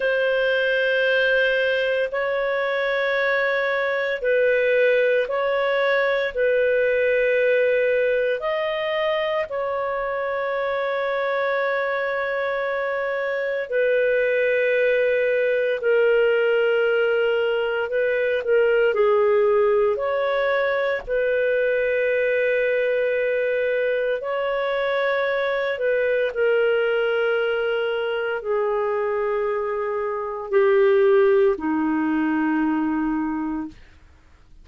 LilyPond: \new Staff \with { instrumentName = "clarinet" } { \time 4/4 \tempo 4 = 57 c''2 cis''2 | b'4 cis''4 b'2 | dis''4 cis''2.~ | cis''4 b'2 ais'4~ |
ais'4 b'8 ais'8 gis'4 cis''4 | b'2. cis''4~ | cis''8 b'8 ais'2 gis'4~ | gis'4 g'4 dis'2 | }